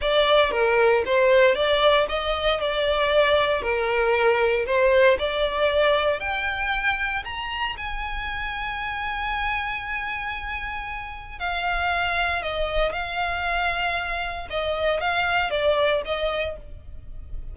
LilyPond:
\new Staff \with { instrumentName = "violin" } { \time 4/4 \tempo 4 = 116 d''4 ais'4 c''4 d''4 | dis''4 d''2 ais'4~ | ais'4 c''4 d''2 | g''2 ais''4 gis''4~ |
gis''1~ | gis''2 f''2 | dis''4 f''2. | dis''4 f''4 d''4 dis''4 | }